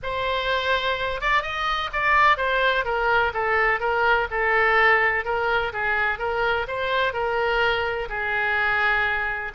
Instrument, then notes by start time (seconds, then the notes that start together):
oboe
0.02 C5
1.20 D5
1.42 D#5
1.92 D5
2.37 C5
2.84 A#4
3.33 A4
3.80 A#4
4.30 A4
5.24 A#4
5.72 G#4
6.18 A#4
6.67 C5
7.13 A#4
8.09 G#4